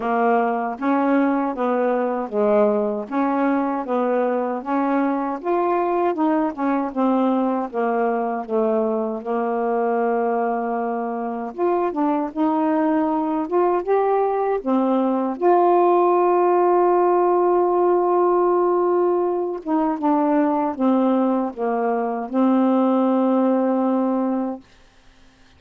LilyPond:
\new Staff \with { instrumentName = "saxophone" } { \time 4/4 \tempo 4 = 78 ais4 cis'4 b4 gis4 | cis'4 b4 cis'4 f'4 | dis'8 cis'8 c'4 ais4 a4 | ais2. f'8 d'8 |
dis'4. f'8 g'4 c'4 | f'1~ | f'4. dis'8 d'4 c'4 | ais4 c'2. | }